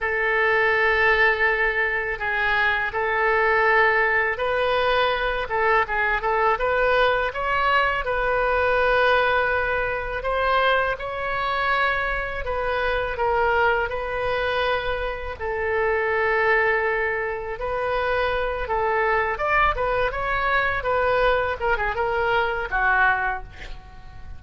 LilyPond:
\new Staff \with { instrumentName = "oboe" } { \time 4/4 \tempo 4 = 82 a'2. gis'4 | a'2 b'4. a'8 | gis'8 a'8 b'4 cis''4 b'4~ | b'2 c''4 cis''4~ |
cis''4 b'4 ais'4 b'4~ | b'4 a'2. | b'4. a'4 d''8 b'8 cis''8~ | cis''8 b'4 ais'16 gis'16 ais'4 fis'4 | }